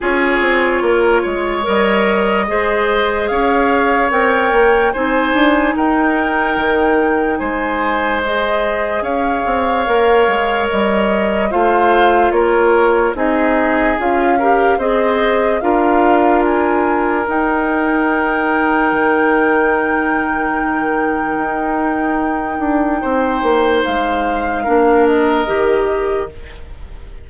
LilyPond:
<<
  \new Staff \with { instrumentName = "flute" } { \time 4/4 \tempo 4 = 73 cis''2 dis''2 | f''4 g''4 gis''4 g''4~ | g''4 gis''4 dis''4 f''4~ | f''4 dis''4 f''4 cis''4 |
dis''4 f''4 dis''4 f''4 | gis''4 g''2.~ | g''1~ | g''4 f''4. dis''4. | }
  \new Staff \with { instrumentName = "oboe" } { \time 4/4 gis'4 ais'8 cis''4. c''4 | cis''2 c''4 ais'4~ | ais'4 c''2 cis''4~ | cis''2 c''4 ais'4 |
gis'4. ais'8 c''4 ais'4~ | ais'1~ | ais'1 | c''2 ais'2 | }
  \new Staff \with { instrumentName = "clarinet" } { \time 4/4 f'2 ais'4 gis'4~ | gis'4 ais'4 dis'2~ | dis'2 gis'2 | ais'2 f'2 |
dis'4 f'8 g'8 gis'4 f'4~ | f'4 dis'2.~ | dis'1~ | dis'2 d'4 g'4 | }
  \new Staff \with { instrumentName = "bassoon" } { \time 4/4 cis'8 c'8 ais8 gis8 g4 gis4 | cis'4 c'8 ais8 c'8 d'8 dis'4 | dis4 gis2 cis'8 c'8 | ais8 gis8 g4 a4 ais4 |
c'4 cis'4 c'4 d'4~ | d'4 dis'2 dis4~ | dis2 dis'4. d'8 | c'8 ais8 gis4 ais4 dis4 | }
>>